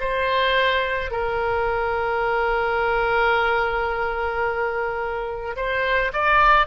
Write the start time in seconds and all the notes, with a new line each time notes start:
0.00 C5
1.11 A#4
5.56 C5
6.13 D5